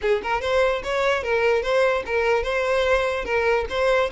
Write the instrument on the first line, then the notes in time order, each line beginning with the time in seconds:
violin
0.01 G#4
0.22 A#4
0.41 C5
0.83 C#5
1.23 A#4
1.62 C5
2.06 A#4
2.43 C5
3.24 A#4
3.69 C5